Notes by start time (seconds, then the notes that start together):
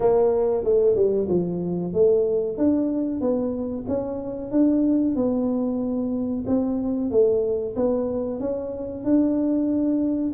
0.00 A#3
0.63 A3
0.95 G3
1.28 F3
1.93 A3
2.57 D4
3.21 B3
3.88 C#4
4.51 D4
5.15 B3
6.46 C4
7.11 A3
7.76 B3
8.40 C#4
9.04 D4